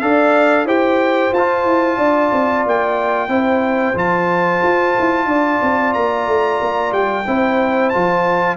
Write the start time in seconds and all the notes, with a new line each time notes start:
0.00 D4 A4 D5 F5
0.65 E4 G4 C5 G5
1.32 F4 A5
1.65 E4
1.97 D4 D5
2.32 C4
2.66 A#3 G5
3.28 C4 E4 C5
3.95 F3 F4 A5
4.63 F4
4.99 E4
5.25 D4 D5
5.62 C4
5.94 A#3 A#5
6.27 A3
6.60 A#3
6.92 G3 G5
7.27 C4 E4 C5
7.89 F3 F4 A5